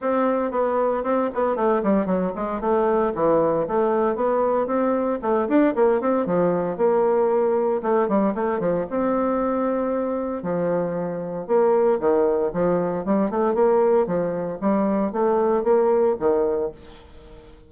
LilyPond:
\new Staff \with { instrumentName = "bassoon" } { \time 4/4 \tempo 4 = 115 c'4 b4 c'8 b8 a8 g8 | fis8 gis8 a4 e4 a4 | b4 c'4 a8 d'8 ais8 c'8 | f4 ais2 a8 g8 |
a8 f8 c'2. | f2 ais4 dis4 | f4 g8 a8 ais4 f4 | g4 a4 ais4 dis4 | }